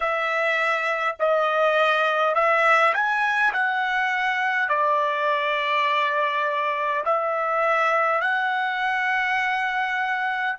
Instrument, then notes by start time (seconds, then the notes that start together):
trumpet
0.00 E5
1.19 D#5
2.35 E5
2.94 G#5
3.53 F#5
4.68 D5
7.05 E5
8.21 F#5